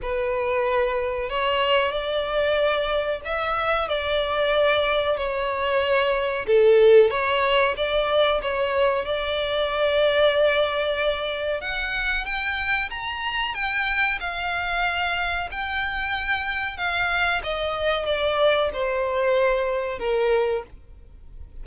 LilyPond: \new Staff \with { instrumentName = "violin" } { \time 4/4 \tempo 4 = 93 b'2 cis''4 d''4~ | d''4 e''4 d''2 | cis''2 a'4 cis''4 | d''4 cis''4 d''2~ |
d''2 fis''4 g''4 | ais''4 g''4 f''2 | g''2 f''4 dis''4 | d''4 c''2 ais'4 | }